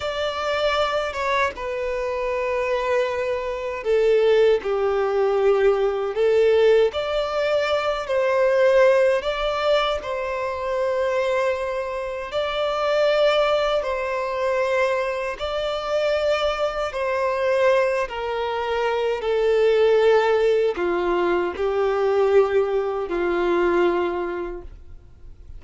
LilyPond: \new Staff \with { instrumentName = "violin" } { \time 4/4 \tempo 4 = 78 d''4. cis''8 b'2~ | b'4 a'4 g'2 | a'4 d''4. c''4. | d''4 c''2. |
d''2 c''2 | d''2 c''4. ais'8~ | ais'4 a'2 f'4 | g'2 f'2 | }